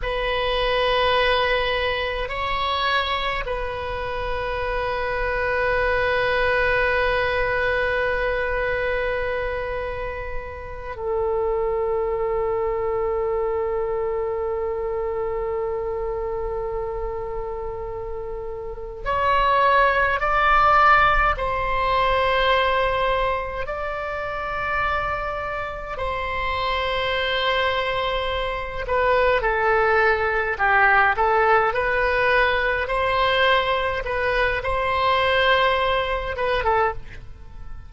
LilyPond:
\new Staff \with { instrumentName = "oboe" } { \time 4/4 \tempo 4 = 52 b'2 cis''4 b'4~ | b'1~ | b'4. a'2~ a'8~ | a'1~ |
a'8 cis''4 d''4 c''4.~ | c''8 d''2 c''4.~ | c''4 b'8 a'4 g'8 a'8 b'8~ | b'8 c''4 b'8 c''4. b'16 a'16 | }